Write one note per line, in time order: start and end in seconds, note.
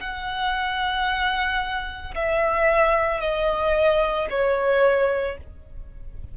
0.00 2.14 F#5
2.14 3.20 E5
3.20 4.27 D#5
4.30 5.37 C#5